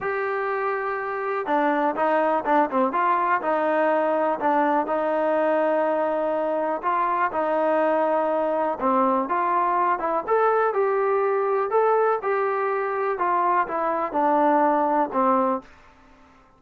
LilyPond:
\new Staff \with { instrumentName = "trombone" } { \time 4/4 \tempo 4 = 123 g'2. d'4 | dis'4 d'8 c'8 f'4 dis'4~ | dis'4 d'4 dis'2~ | dis'2 f'4 dis'4~ |
dis'2 c'4 f'4~ | f'8 e'8 a'4 g'2 | a'4 g'2 f'4 | e'4 d'2 c'4 | }